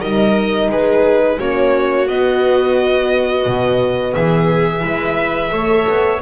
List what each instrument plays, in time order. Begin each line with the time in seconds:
0.00 double bass G3, horn D#4, viola A#4, violin D#5
0.69 double bass G#3, viola G#4, violin B4
1.38 double bass A#3, horn C#4, viola F#4, violin C#5
2.08 double bass B3, horn B3, violin D#5
3.46 double bass B2
4.14 double bass E3, viola G#4, violin E5
4.81 double bass G#3, horn E4, viola B4
5.51 double bass A3, horn A4, viola C#5
5.88 double bass B3